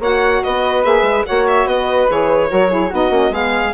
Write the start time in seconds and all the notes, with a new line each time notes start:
0.00 A#3 F#4 C#5 F#5
0.43 B3 B4 D#5
0.84 A#3 G#4 E5
1.03 G#3
1.26 A#3 F#4 C#5 F#5
1.48 E5
1.66 B3 B4 D#5
2.09 E3 G#4 C#5
2.48 F#3 F#4 A#4
2.69 E4 G#4
2.90 B3 D#4 F#4 D#5
3.10 A#3 C#4
3.31 G#3 B3 G#4 F5